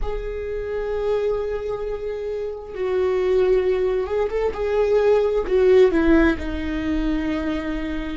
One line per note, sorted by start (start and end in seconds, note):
0.02 2.74 G#4
2.74 4.06 F#4
4.06 4.29 G#4
4.29 4.52 A4
4.53 5.44 G#4
5.47 5.91 F#4
5.91 6.36 E4
6.38 8.17 D#4